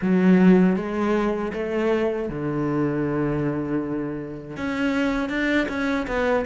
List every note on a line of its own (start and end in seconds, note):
0.01 0.76 F#3
0.76 1.52 G#3
1.53 2.29 A3
2.29 4.56 D3
4.56 5.29 C#4
5.29 5.67 D4
5.68 6.06 C#4
6.07 6.45 B3